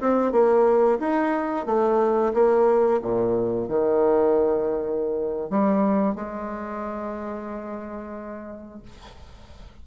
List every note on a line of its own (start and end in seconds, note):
0.00 0.32 C4
0.32 0.98 A#3
0.99 1.66 D#4
1.66 2.32 A3
2.33 3.00 A#3
3.02 3.68 A#2
3.68 5.50 D#3
5.50 6.15 G3
6.15 8.82 G#3